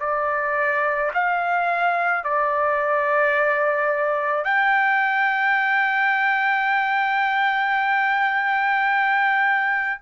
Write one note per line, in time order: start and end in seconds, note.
0.00 1.11 D5
1.14 2.24 F5
2.24 4.44 D5
4.44 10.00 G5